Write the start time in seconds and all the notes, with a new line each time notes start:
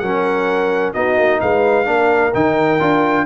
0.00 F#3 C#4 A#4 F#5
0.94 B3 D#4 F#4 D#5
1.19 A#3
1.41 G#3 B4 F5
1.85 A#3 D4 A#4
2.35 D#3 D#4 G5
2.80 D4 F4